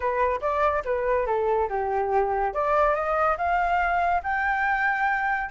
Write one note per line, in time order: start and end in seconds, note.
0.00 0.40 B4
0.41 0.83 D5
0.84 1.26 B4
1.26 1.68 A4
1.69 2.53 G4
2.53 2.94 D5
2.94 3.36 D#5
3.37 4.22 F5
4.23 5.49 G5